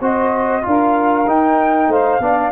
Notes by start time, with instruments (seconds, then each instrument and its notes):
0.00 tuba C4, trombone F#4, saxophone C5, flute D#5
0.62 tuba D4, trombone F4, flute F5
0.68 saxophone A#4
1.27 tuba D#4, trombone D#4, flute G5
1.88 tuba A3, saxophone C5, flute F5
2.19 tuba B3, trombone D4, saxophone D5